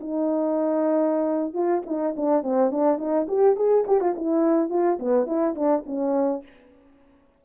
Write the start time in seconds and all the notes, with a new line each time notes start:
0.00 D#4
1.54 F4
1.86 D#4
2.16 D4
2.43 C4
2.71 D4
2.98 D#4
3.28 G4
3.56 G#4
3.88 G4
4.00 F4
4.16 E4
4.70 F4
4.99 B3
5.26 E4
5.56 D4
5.86 C#4